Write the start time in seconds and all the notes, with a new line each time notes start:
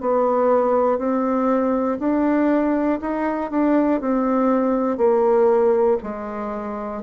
0.00 B3
0.98 C4
1.99 D4
3.00 D#4
3.50 D4
4.00 C4
4.97 A#3
6.03 G#3